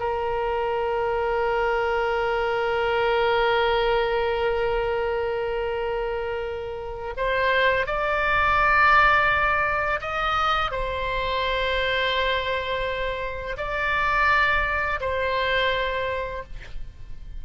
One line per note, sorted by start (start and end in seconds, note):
0.00 7.14 A#4
7.17 7.87 C5
7.87 10.01 D5
10.01 10.71 D#5
10.71 13.57 C5
13.57 15.00 D5
15.01 16.44 C5